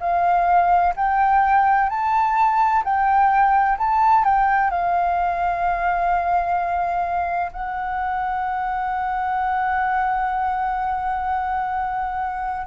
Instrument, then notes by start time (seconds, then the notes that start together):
flute
0.00 F5
0.95 G5
1.89 A5
2.84 G5
3.78 A5
4.24 G5
4.70 F5
7.52 F#5